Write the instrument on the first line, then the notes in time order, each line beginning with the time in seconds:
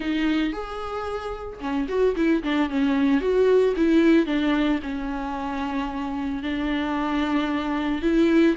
viola
0.00 D#4
0.52 G#4
1.60 C#4
1.88 F#4
2.16 E4
2.43 D4
2.69 C#4
3.20 F#4
3.76 E4
4.25 D4
4.82 C#4
6.42 D4
8.02 E4